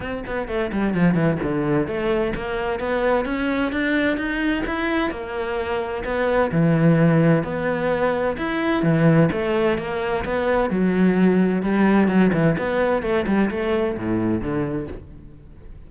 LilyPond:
\new Staff \with { instrumentName = "cello" } { \time 4/4 \tempo 4 = 129 c'8 b8 a8 g8 f8 e8 d4 | a4 ais4 b4 cis'4 | d'4 dis'4 e'4 ais4~ | ais4 b4 e2 |
b2 e'4 e4 | a4 ais4 b4 fis4~ | fis4 g4 fis8 e8 b4 | a8 g8 a4 a,4 d4 | }